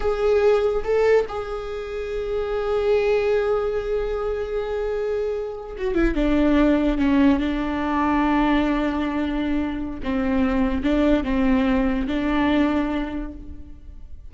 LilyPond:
\new Staff \with { instrumentName = "viola" } { \time 4/4 \tempo 4 = 144 gis'2 a'4 gis'4~ | gis'1~ | gis'1~ | gis'4.~ gis'16 fis'8 e'8 d'4~ d'16~ |
d'8. cis'4 d'2~ d'16~ | d'1 | c'2 d'4 c'4~ | c'4 d'2. | }